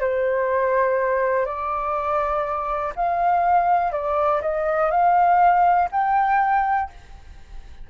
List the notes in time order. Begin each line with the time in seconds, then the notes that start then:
0.00 C5
1.45 D5
2.96 F5
3.92 D5
4.41 D#5
4.90 F5
5.92 G5